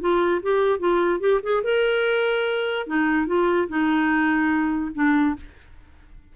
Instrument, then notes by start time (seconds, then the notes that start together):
clarinet
0.00 F4
0.42 G4
0.79 F4
1.20 G4
1.42 G#4
1.63 A#4
2.87 D#4
3.27 F4
3.68 D#4
4.94 D4